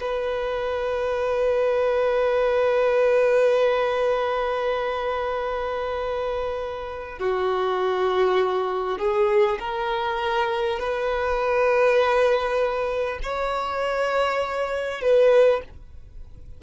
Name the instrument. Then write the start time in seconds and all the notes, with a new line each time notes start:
violin
0.00 B4
7.18 F#4
8.98 G#4
9.59 A#4
10.79 B4
13.22 C#5
15.01 B4